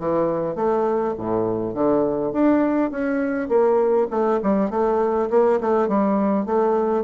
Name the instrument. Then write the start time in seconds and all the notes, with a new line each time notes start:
bassoon
0.00 E3
0.56 A3
1.18 A2
1.75 D3
2.33 D4
2.91 C#4
3.49 A#3
4.11 A3
4.43 G3
4.71 A3
5.31 A#3
5.61 A3
5.89 G3
6.46 A3